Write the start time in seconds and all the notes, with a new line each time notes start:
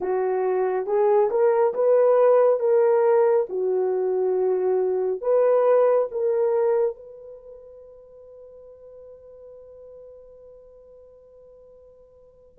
0.00 F#4
0.86 G#4
1.30 A#4
1.74 B4
2.59 A#4
3.49 F#4
5.21 B4
6.11 A#4
6.95 B4